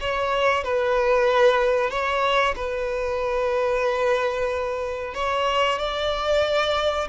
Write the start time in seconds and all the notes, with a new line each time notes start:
0.00 C#5
0.63 B4
1.90 C#5
2.56 B4
5.14 C#5
5.78 D5